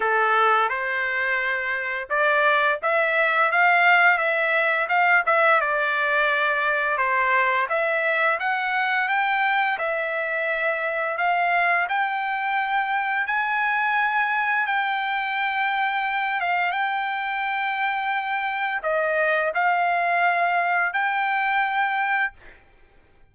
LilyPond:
\new Staff \with { instrumentName = "trumpet" } { \time 4/4 \tempo 4 = 86 a'4 c''2 d''4 | e''4 f''4 e''4 f''8 e''8 | d''2 c''4 e''4 | fis''4 g''4 e''2 |
f''4 g''2 gis''4~ | gis''4 g''2~ g''8 f''8 | g''2. dis''4 | f''2 g''2 | }